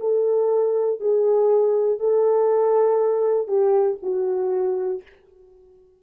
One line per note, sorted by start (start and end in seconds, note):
0.00 1.00 A4
1.00 1.99 G#4
1.99 3.48 A4
3.48 3.98 G4
4.02 5.02 F#4